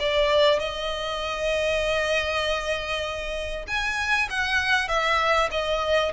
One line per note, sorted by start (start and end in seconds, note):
0.00 0.60 D5
0.60 3.66 D#5
3.68 4.29 G#5
4.30 4.88 F#5
4.88 5.49 E5
5.51 6.13 D#5